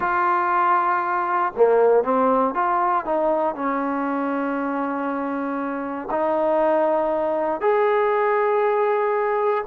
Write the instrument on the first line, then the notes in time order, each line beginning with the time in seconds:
trombone
0.00 F4
1.56 A#3
2.03 C4
2.54 F4
3.05 D#4
3.54 C#4
6.10 D#4
7.61 G#4